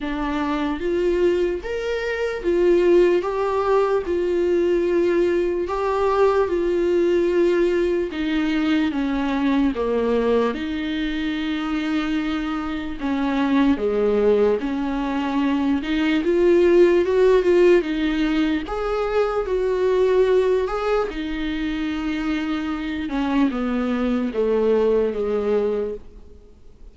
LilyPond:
\new Staff \with { instrumentName = "viola" } { \time 4/4 \tempo 4 = 74 d'4 f'4 ais'4 f'4 | g'4 f'2 g'4 | f'2 dis'4 cis'4 | ais4 dis'2. |
cis'4 gis4 cis'4. dis'8 | f'4 fis'8 f'8 dis'4 gis'4 | fis'4. gis'8 dis'2~ | dis'8 cis'8 b4 a4 gis4 | }